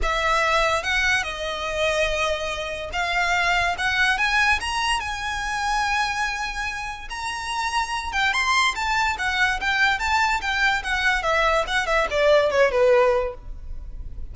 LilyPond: \new Staff \with { instrumentName = "violin" } { \time 4/4 \tempo 4 = 144 e''2 fis''4 dis''4~ | dis''2. f''4~ | f''4 fis''4 gis''4 ais''4 | gis''1~ |
gis''4 ais''2~ ais''8 g''8 | c'''4 a''4 fis''4 g''4 | a''4 g''4 fis''4 e''4 | fis''8 e''8 d''4 cis''8 b'4. | }